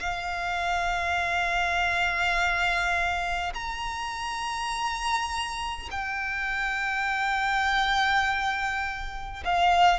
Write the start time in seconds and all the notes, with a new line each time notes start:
0.00 F5
3.54 A#5
5.91 G5
9.44 F5